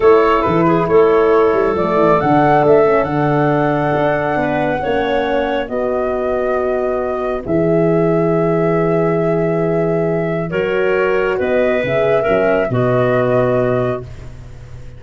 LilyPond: <<
  \new Staff \with { instrumentName = "flute" } { \time 4/4 \tempo 4 = 137 cis''4 b'4 cis''2 | d''4 fis''4 e''4 fis''4~ | fis''1~ | fis''4 dis''2.~ |
dis''4 e''2.~ | e''1 | cis''2 dis''4 e''4~ | e''4 dis''2. | }
  \new Staff \with { instrumentName = "clarinet" } { \time 4/4 a'4. gis'8 a'2~ | a'1~ | a'2 b'4 cis''4~ | cis''4 b'2.~ |
b'1~ | b'1 | ais'2 b'2 | ais'4 fis'2. | }
  \new Staff \with { instrumentName = "horn" } { \time 4/4 e'1 | a4 d'4. cis'8 d'4~ | d'2. cis'4~ | cis'4 fis'2.~ |
fis'4 gis'2.~ | gis'1 | fis'2. gis'4 | cis'4 b2. | }
  \new Staff \with { instrumentName = "tuba" } { \time 4/4 a4 e4 a4. g8 | f8 e8 d4 a4 d4~ | d4 d'4 b4 ais4~ | ais4 b2.~ |
b4 e2.~ | e1 | fis2 b4 cis4 | fis4 b,2. | }
>>